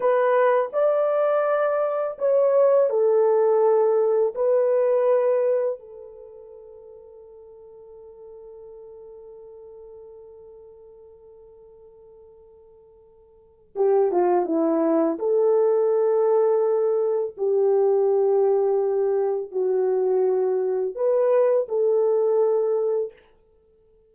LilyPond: \new Staff \with { instrumentName = "horn" } { \time 4/4 \tempo 4 = 83 b'4 d''2 cis''4 | a'2 b'2 | a'1~ | a'1~ |
a'2. g'8 f'8 | e'4 a'2. | g'2. fis'4~ | fis'4 b'4 a'2 | }